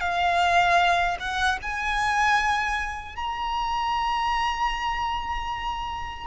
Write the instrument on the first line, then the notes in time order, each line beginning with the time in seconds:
violin
0.00 F5
1.19 F#5
1.62 G#5
3.15 A#5